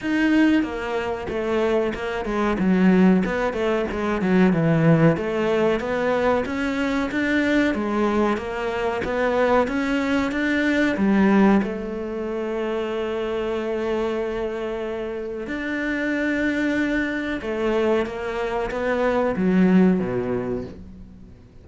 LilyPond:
\new Staff \with { instrumentName = "cello" } { \time 4/4 \tempo 4 = 93 dis'4 ais4 a4 ais8 gis8 | fis4 b8 a8 gis8 fis8 e4 | a4 b4 cis'4 d'4 | gis4 ais4 b4 cis'4 |
d'4 g4 a2~ | a1 | d'2. a4 | ais4 b4 fis4 b,4 | }